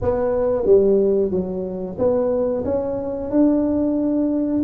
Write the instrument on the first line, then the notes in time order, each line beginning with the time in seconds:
tuba
0.01 B3
0.65 G3
1.31 F#3
1.98 B3
2.64 C#4
3.31 D4